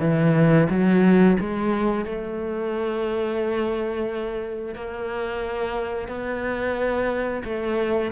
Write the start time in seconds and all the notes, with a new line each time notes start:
0.00 E3
0.70 F#3
1.40 G#3
2.05 A3
4.75 A#3
6.08 B3
7.44 A3